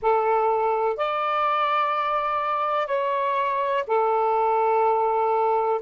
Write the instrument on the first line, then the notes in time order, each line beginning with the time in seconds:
saxophone
0.01 A4
0.96 D5
2.86 C#5
3.87 A4